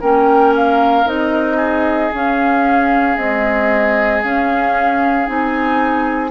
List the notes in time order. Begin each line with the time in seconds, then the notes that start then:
0.00 A#3 C#4 A#4 G5
0.56 F5
1.05 C4 D#4 D#5
1.57 G#4
2.13 C#4 F5
3.16 G#3 C4 D#5
4.23 C#4 F5
5.26 C4 D#4 G#5